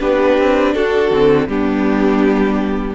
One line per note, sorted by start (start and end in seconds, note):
0.00 0.38 B3
0.00 1.11 D4
0.00 0.75 G4
0.00 0.74 B4
0.38 0.75 C4
0.74 1.11 D4
0.74 1.47 F#4
0.74 1.48 A4
1.11 1.47 D3
1.11 1.50 C4
1.47 2.95 G3
1.47 2.95 B3
1.47 2.95 D4
1.47 2.95 G4